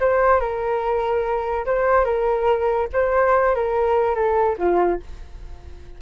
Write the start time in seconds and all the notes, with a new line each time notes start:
0.00 C5
0.40 A#4
1.66 C5
2.04 A#4
2.93 C5
3.55 A#4
4.15 A4
4.58 F4